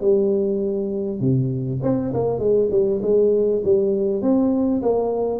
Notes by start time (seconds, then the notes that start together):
0.00 G3
1.20 C3
1.82 C4
2.14 A#3
2.39 G#3
2.71 G3
3.02 G#3
3.64 G3
4.21 C4
4.82 A#3